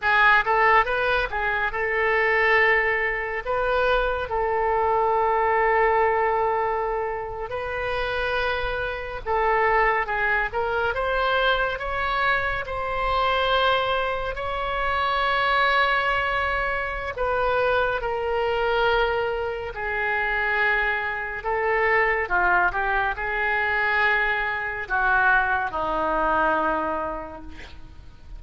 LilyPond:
\new Staff \with { instrumentName = "oboe" } { \time 4/4 \tempo 4 = 70 gis'8 a'8 b'8 gis'8 a'2 | b'4 a'2.~ | a'8. b'2 a'4 gis'16~ | gis'16 ais'8 c''4 cis''4 c''4~ c''16~ |
c''8. cis''2.~ cis''16 | b'4 ais'2 gis'4~ | gis'4 a'4 f'8 g'8 gis'4~ | gis'4 fis'4 dis'2 | }